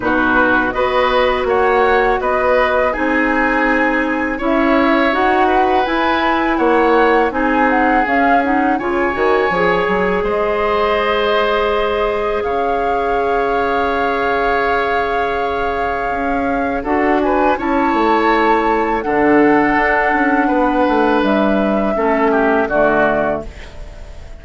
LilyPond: <<
  \new Staff \with { instrumentName = "flute" } { \time 4/4 \tempo 4 = 82 b'4 dis''4 fis''4 dis''4 | gis''2 e''4 fis''4 | gis''4 fis''4 gis''8 fis''8 f''8 fis''8 | gis''2 dis''2~ |
dis''4 f''2.~ | f''2. fis''8 gis''8 | a''2 fis''2~ | fis''4 e''2 d''4 | }
  \new Staff \with { instrumentName = "oboe" } { \time 4/4 fis'4 b'4 cis''4 b'4 | gis'2 cis''4. b'8~ | b'4 cis''4 gis'2 | cis''2 c''2~ |
c''4 cis''2.~ | cis''2. a'8 b'8 | cis''2 a'2 | b'2 a'8 g'8 fis'4 | }
  \new Staff \with { instrumentName = "clarinet" } { \time 4/4 dis'4 fis'2. | dis'2 e'4 fis'4 | e'2 dis'4 cis'8 dis'8 | f'8 fis'8 gis'2.~ |
gis'1~ | gis'2. fis'4 | e'2 d'2~ | d'2 cis'4 a4 | }
  \new Staff \with { instrumentName = "bassoon" } { \time 4/4 b,4 b4 ais4 b4 | c'2 cis'4 dis'4 | e'4 ais4 c'4 cis'4 | cis8 dis8 f8 fis8 gis2~ |
gis4 cis2.~ | cis2 cis'4 d'4 | cis'8 a4. d4 d'8 cis'8 | b8 a8 g4 a4 d4 | }
>>